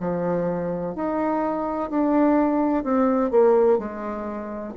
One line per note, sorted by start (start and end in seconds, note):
0.00 0.95 F3
0.95 1.90 D#4
1.90 2.84 D4
2.84 3.31 C4
3.31 3.78 A#3
3.78 4.74 G#3